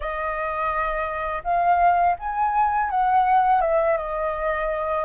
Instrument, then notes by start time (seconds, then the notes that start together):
flute
0.00 D#5
1.44 F5
2.19 G#5
2.89 F#5
3.61 E5
3.97 D#5